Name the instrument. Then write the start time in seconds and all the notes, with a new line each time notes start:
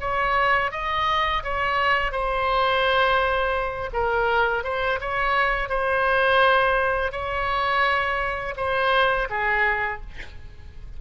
oboe
0.00 C#5
0.71 D#5
1.44 C#5
2.12 C5
3.93 A#4
4.64 C5
5.01 C#5
5.69 C5
7.12 C#5
8.56 C5
9.30 G#4